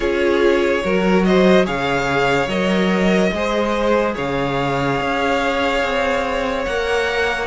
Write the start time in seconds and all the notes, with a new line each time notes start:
0.00 C#4 F4 G#4 C#5
0.83 F#3 F#4 A#4
1.23 C5 D#5
1.65 C#3 G#4 C#5 F5
2.47 F#3 A#4 D#5
3.31 G#3 G#4 C5
4.14 C#3 C#5 F5
5.00 C#4
5.83 C4
6.64 A#3 A#4 F#5